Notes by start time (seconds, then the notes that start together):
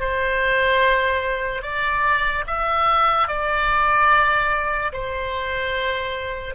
0.00 C5
1.62 D5
2.47 E5
3.28 D5
4.92 C5